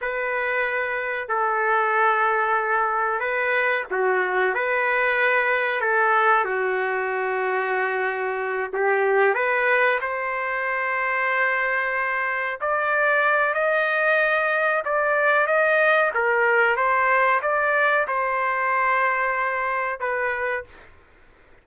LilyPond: \new Staff \with { instrumentName = "trumpet" } { \time 4/4 \tempo 4 = 93 b'2 a'2~ | a'4 b'4 fis'4 b'4~ | b'4 a'4 fis'2~ | fis'4. g'4 b'4 c''8~ |
c''2.~ c''8 d''8~ | d''4 dis''2 d''4 | dis''4 ais'4 c''4 d''4 | c''2. b'4 | }